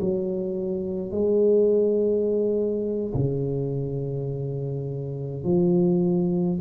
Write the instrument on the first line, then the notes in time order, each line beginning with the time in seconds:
tuba
0.00 F#3
1.11 G#3
3.14 C#3
5.44 F3